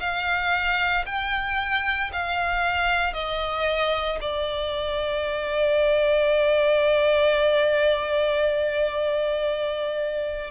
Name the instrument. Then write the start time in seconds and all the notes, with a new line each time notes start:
violin
0.00 F5
1.06 G5
2.12 F5
3.13 D#5
4.22 D5